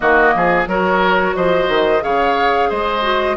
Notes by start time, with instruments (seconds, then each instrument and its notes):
0.00 bassoon D#3, clarinet A#3, oboe F#4, flute D#5
0.35 bassoon F3, oboe G#4
0.67 bassoon F#3, clarinet F#4, oboe A#4, flute C#5
1.35 bassoon F3, oboe C5, flute D#5
1.68 bassoon D#3
2.00 bassoon C#3, clarinet G#4, oboe C#5, flute F5
2.69 bassoon G#3, oboe C5, flute D#5
3.02 clarinet F#4